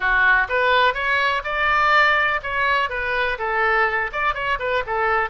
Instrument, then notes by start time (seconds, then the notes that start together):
oboe
0.00 F#4
0.48 B4
0.93 C#5
1.43 D5
2.42 C#5
2.89 B4
3.38 A4
4.12 D5
4.34 C#5
4.59 B4
4.86 A4